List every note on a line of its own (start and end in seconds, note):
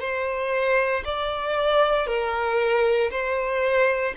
0.00 1.03 C5
1.05 2.07 D5
2.07 3.10 A#4
3.11 4.14 C5